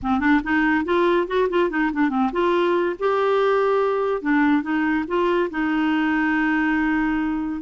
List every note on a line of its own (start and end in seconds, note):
0.02 0.19 C4
0.19 0.41 D4
0.43 0.85 D#4
0.85 1.27 F4
1.27 1.48 F#4
1.49 1.70 F4
1.70 1.91 D#4
1.92 2.09 D4
2.09 2.30 C4
2.32 2.95 F4
2.99 4.21 G4
4.21 4.62 D4
4.62 5.04 D#4
5.07 5.49 F4
5.50 7.61 D#4